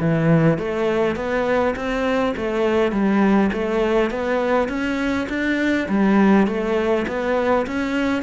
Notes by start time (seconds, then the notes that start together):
0.00 E3
0.58 A3
1.16 B3
1.76 C4
2.37 A3
2.92 G3
3.53 A3
4.11 B3
4.68 C#4
5.29 D4
5.89 G3
6.47 A3
7.07 B3
7.67 C#4